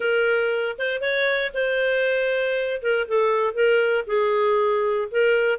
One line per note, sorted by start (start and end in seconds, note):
0.00 0.76 A#4
0.78 1.01 C5
1.01 1.52 C#5
1.54 2.81 C5
2.82 3.07 A#4
3.07 3.54 A4
3.54 4.04 A#4
4.06 5.08 G#4
5.11 5.59 A#4